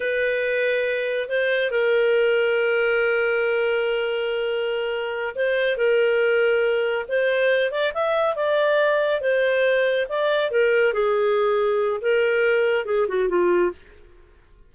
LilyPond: \new Staff \with { instrumentName = "clarinet" } { \time 4/4 \tempo 4 = 140 b'2. c''4 | ais'1~ | ais'1~ | ais'8 c''4 ais'2~ ais'8~ |
ais'8 c''4. d''8 e''4 d''8~ | d''4. c''2 d''8~ | d''8 ais'4 gis'2~ gis'8 | ais'2 gis'8 fis'8 f'4 | }